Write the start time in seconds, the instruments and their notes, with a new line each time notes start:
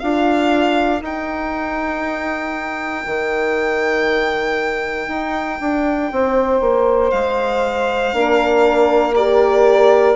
0.00 bassoon D4, horn F4, saxophone A#4, violin F5
1.02 horn D#4, bassoon D#4, violin G5
3.06 bassoon D#3
5.08 bassoon D#4
5.61 bassoon D4
6.12 bassoon C4, saxophone C5
6.61 bassoon A#3
7.11 bassoon G#3, violin F5
8.13 bassoon A#3, horn D4, saxophone A#4
9.16 horn G4, violin D5